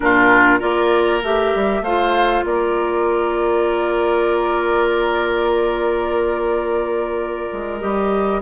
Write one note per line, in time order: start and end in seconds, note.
0.00 0.61 A#2
0.00 0.60 D4
0.00 0.59 F4
0.00 0.60 A#4
0.59 1.22 A#3
0.59 1.21 F4
0.59 1.81 A#4
0.59 1.21 D5
1.22 1.53 A3
1.22 1.85 G4
1.22 1.83 E5
1.54 1.81 G3
1.81 2.42 A3
1.81 7.80 F4
1.81 2.44 C5
1.81 2.44 F5
2.44 7.49 A#3
2.44 8.41 A#4
2.44 7.80 D5
7.52 7.82 G#3
7.80 8.41 G3
7.80 8.41 G4
7.80 8.41 D#5